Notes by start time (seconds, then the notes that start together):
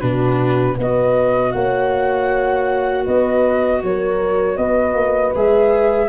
0.00 B2 D4 F#4 B4
0.77 B3 F#4 B4 D#5
1.51 A#3 C#5 F#5
3.04 B3 B4 D#5
3.83 F#3 A#4 C#5
4.56 B3 B4 D#5
4.94 A#3
5.35 G#3 G#4 E5